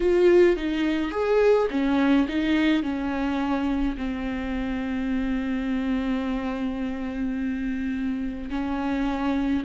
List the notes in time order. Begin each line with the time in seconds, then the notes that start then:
0.00 F4
0.56 D#4
1.11 G#4
1.70 C#4
2.28 D#4
2.83 C#4
3.97 C4
8.50 C#4